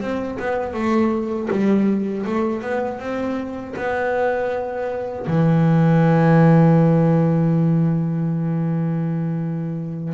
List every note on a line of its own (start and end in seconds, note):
0.00 0.38 C4
0.39 0.73 B3
0.73 1.48 A3
1.50 2.25 G3
2.26 2.62 A3
2.62 2.99 B3
2.99 3.74 C4
3.76 5.26 B3
5.27 10.13 E3